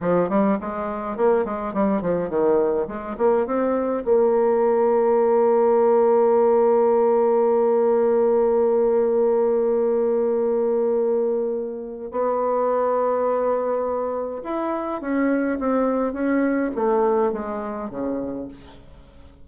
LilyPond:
\new Staff \with { instrumentName = "bassoon" } { \time 4/4 \tempo 4 = 104 f8 g8 gis4 ais8 gis8 g8 f8 | dis4 gis8 ais8 c'4 ais4~ | ais1~ | ais1~ |
ais1~ | ais4 b2.~ | b4 e'4 cis'4 c'4 | cis'4 a4 gis4 cis4 | }